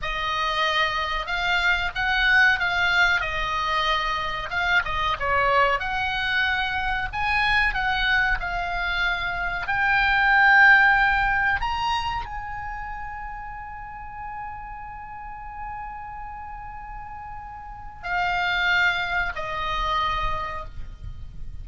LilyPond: \new Staff \with { instrumentName = "oboe" } { \time 4/4 \tempo 4 = 93 dis''2 f''4 fis''4 | f''4 dis''2 f''8 dis''8 | cis''4 fis''2 gis''4 | fis''4 f''2 g''4~ |
g''2 ais''4 gis''4~ | gis''1~ | gis''1 | f''2 dis''2 | }